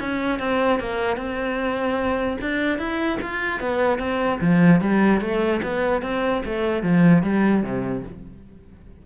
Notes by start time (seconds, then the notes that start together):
0.00 C#4
0.40 C4
0.80 A#3
1.17 C4
2.41 D4
2.79 E4
3.22 F4
3.60 B3
3.99 C4
4.41 F3
4.81 G3
5.21 A3
5.63 B3
6.02 C4
6.45 A3
6.83 F3
7.23 G3
7.63 C3